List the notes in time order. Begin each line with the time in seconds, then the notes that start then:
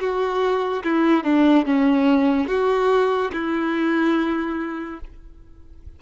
0.00 F#4
0.84 E4
1.24 D4
1.66 C#4
2.48 F#4
3.33 E4